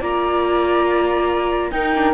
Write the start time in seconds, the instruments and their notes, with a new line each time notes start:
0.00 cello A#3, viola F4, flute D5 A#5
1.71 cello D#4, viola D#4, flute A#4 G5
1.96 viola D4